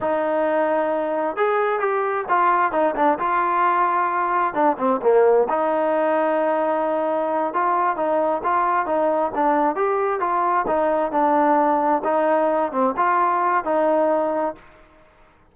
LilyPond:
\new Staff \with { instrumentName = "trombone" } { \time 4/4 \tempo 4 = 132 dis'2. gis'4 | g'4 f'4 dis'8 d'8 f'4~ | f'2 d'8 c'8 ais4 | dis'1~ |
dis'8 f'4 dis'4 f'4 dis'8~ | dis'8 d'4 g'4 f'4 dis'8~ | dis'8 d'2 dis'4. | c'8 f'4. dis'2 | }